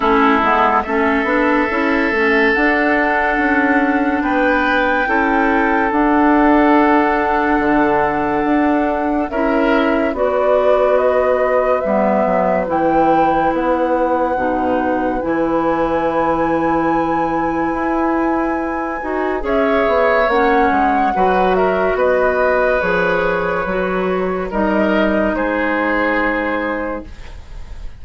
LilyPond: <<
  \new Staff \with { instrumentName = "flute" } { \time 4/4 \tempo 4 = 71 a'4 e''2 fis''4~ | fis''4 g''2 fis''4~ | fis''2. e''4 | d''4 dis''4 e''4 g''4 |
fis''2 gis''2~ | gis''2. e''4 | fis''4. e''8 dis''4 cis''4~ | cis''4 dis''4 c''2 | }
  \new Staff \with { instrumentName = "oboe" } { \time 4/4 e'4 a'2.~ | a'4 b'4 a'2~ | a'2. ais'4 | b'1~ |
b'1~ | b'2. cis''4~ | cis''4 b'8 ais'8 b'2~ | b'4 ais'4 gis'2 | }
  \new Staff \with { instrumentName = "clarinet" } { \time 4/4 cis'8 b8 cis'8 d'8 e'8 cis'8 d'4~ | d'2 e'4 d'4~ | d'2. e'4 | fis'2 b4 e'4~ |
e'4 dis'4 e'2~ | e'2~ e'8 fis'8 gis'4 | cis'4 fis'2 gis'4 | fis'4 dis'2. | }
  \new Staff \with { instrumentName = "bassoon" } { \time 4/4 a8 gis8 a8 b8 cis'8 a8 d'4 | cis'4 b4 cis'4 d'4~ | d'4 d4 d'4 cis'4 | b2 g8 fis8 e4 |
b4 b,4 e2~ | e4 e'4. dis'8 cis'8 b8 | ais8 gis8 fis4 b4 f4 | fis4 g4 gis2 | }
>>